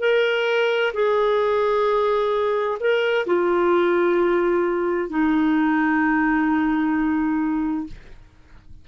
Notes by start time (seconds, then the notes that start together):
0.00 A#4
0.94 G#4
2.80 A#4
3.26 F4
5.10 D#4